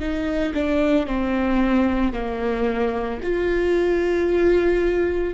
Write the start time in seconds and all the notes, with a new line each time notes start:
0.00 D#4
0.54 D4
1.07 C4
2.13 A#3
3.23 F4